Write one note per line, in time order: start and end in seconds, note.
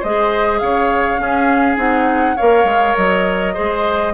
0.00 0.61 G#3
0.00 1.18 G#4
0.00 0.59 C5
0.00 0.59 D#5
0.59 1.19 C#3
0.59 1.21 C#5
0.59 1.76 F5
1.18 1.77 C#4
1.18 2.37 G#4
1.77 2.36 C4
1.77 2.36 D#4
1.77 2.37 F#5
2.37 2.64 A#3
2.37 3.55 A#4
2.37 3.54 C#5
2.37 2.96 F5
2.64 2.94 G#3
2.96 3.56 F#3
2.96 4.14 D#5
3.54 4.14 G#3
3.54 4.13 G#4
3.54 4.13 C5